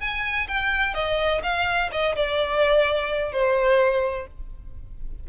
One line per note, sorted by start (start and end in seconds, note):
0.00 0.47 G#5
0.48 0.94 G5
0.94 1.41 D#5
1.43 1.90 F5
1.92 2.15 D#5
2.15 3.32 D5
3.32 4.26 C5